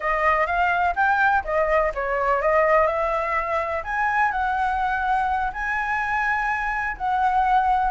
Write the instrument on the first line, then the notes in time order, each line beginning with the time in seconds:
flute
0.00 D#5
0.46 F5
0.95 G5
1.44 D#5
1.94 C#5
2.41 D#5
2.86 E5
3.84 G#5
4.31 F#5
5.52 G#5
6.97 F#5